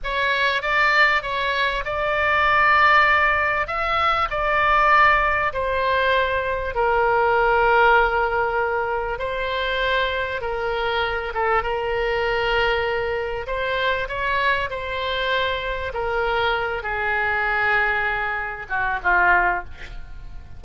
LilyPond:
\new Staff \with { instrumentName = "oboe" } { \time 4/4 \tempo 4 = 98 cis''4 d''4 cis''4 d''4~ | d''2 e''4 d''4~ | d''4 c''2 ais'4~ | ais'2. c''4~ |
c''4 ais'4. a'8 ais'4~ | ais'2 c''4 cis''4 | c''2 ais'4. gis'8~ | gis'2~ gis'8 fis'8 f'4 | }